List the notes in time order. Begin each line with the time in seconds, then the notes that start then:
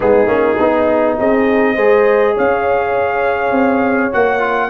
0.00 G#3 B3 D#4 G#4
0.26 A#3 C#4
0.60 B3 D#4
1.19 C4 G#4 D#5
1.74 G#3 G#4 C5
2.34 C#4 C#5 F5
3.51 C4
4.12 A#3 F#4 F#5
4.39 F4